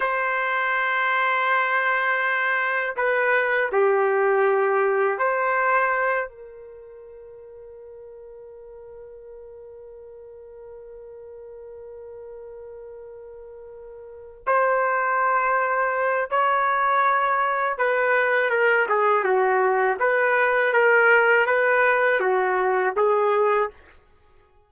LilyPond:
\new Staff \with { instrumentName = "trumpet" } { \time 4/4 \tempo 4 = 81 c''1 | b'4 g'2 c''4~ | c''8 ais'2.~ ais'8~ | ais'1~ |
ais'2.~ ais'8 c''8~ | c''2 cis''2 | b'4 ais'8 gis'8 fis'4 b'4 | ais'4 b'4 fis'4 gis'4 | }